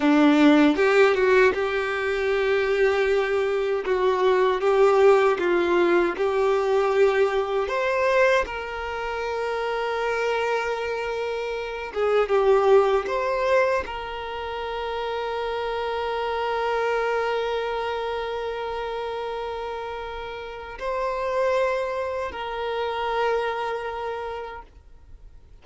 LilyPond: \new Staff \with { instrumentName = "violin" } { \time 4/4 \tempo 4 = 78 d'4 g'8 fis'8 g'2~ | g'4 fis'4 g'4 f'4 | g'2 c''4 ais'4~ | ais'2.~ ais'8 gis'8 |
g'4 c''4 ais'2~ | ais'1~ | ais'2. c''4~ | c''4 ais'2. | }